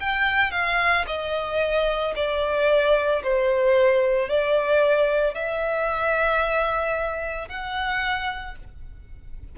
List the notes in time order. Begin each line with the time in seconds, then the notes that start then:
0.00 G5
0.51 F5
1.07 D#5
2.16 D5
3.23 C5
4.29 D5
5.34 E5
7.49 F#5